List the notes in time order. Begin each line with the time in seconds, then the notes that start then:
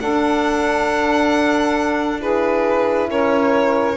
0.00 D4 A4 F#5
2.19 E4 G#4 B4
3.08 C#4 A#4 C#5